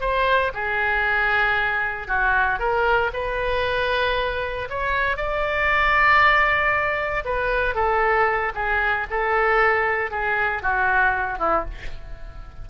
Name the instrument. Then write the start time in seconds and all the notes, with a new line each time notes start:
oboe
0.00 C5
0.53 G#4
2.07 F#4
2.59 A#4
3.13 B4
4.69 C#5
5.17 D5
7.24 B4
7.74 A4
8.55 G#4
9.10 A4
10.10 G#4
10.62 F#4
11.38 E4